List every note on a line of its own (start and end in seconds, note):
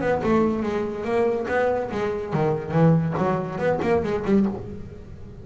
0.00 0.21 B3
0.23 0.63 A3
0.63 1.04 G#3
1.04 1.46 A#3
1.48 1.90 B3
1.91 2.33 G#3
2.33 2.71 D#3
2.71 3.13 E3
3.17 3.58 F#3
3.58 3.79 B3
3.82 4.03 A#3
4.03 4.24 G#3
4.24 4.46 G3